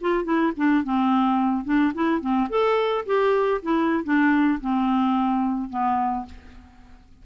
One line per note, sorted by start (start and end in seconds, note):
0.00 0.24 F4
0.24 0.52 E4
0.56 0.83 D4
0.83 1.64 C4
1.64 1.92 D4
1.94 2.20 E4
2.20 2.48 C4
2.49 3.04 A4
3.05 3.61 G4
3.62 4.03 E4
4.03 4.59 D4
4.60 5.69 C4
5.69 6.25 B3